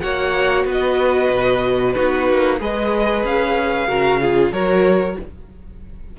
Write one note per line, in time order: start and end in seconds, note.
0.00 0.65 A#3
0.00 1.95 F#4
0.00 0.66 C#5
0.00 0.65 F#5
0.65 1.29 B3
0.65 1.95 B4
0.72 1.93 D#5
1.30 1.95 B2
1.93 2.30 B3
1.93 2.59 D#4
1.93 2.60 F#4
1.93 2.58 B4
2.30 2.60 A#3
2.60 3.24 G#3
2.60 3.89 G#4
2.60 3.88 B4
2.60 3.26 D#5
3.24 3.88 C#4
3.24 4.53 F5
3.88 4.52 C#3
3.88 4.21 F#4
3.88 4.20 A#4
4.21 4.53 F4
4.21 4.52 G#4
4.52 5.16 F#3
4.52 5.19 F#4
4.52 5.17 A#4
4.52 5.17 C#5